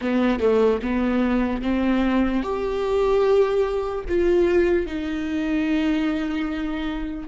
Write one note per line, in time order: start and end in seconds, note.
0.01 0.39 B3
0.39 0.80 A3
0.81 1.61 B3
1.61 2.42 C4
2.42 4.04 G4
4.08 4.86 F4
4.86 7.28 D#4